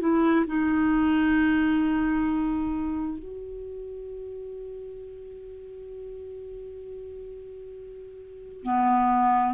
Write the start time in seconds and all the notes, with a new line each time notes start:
0.00 E4
0.47 D#4
3.19 F#4
8.63 B3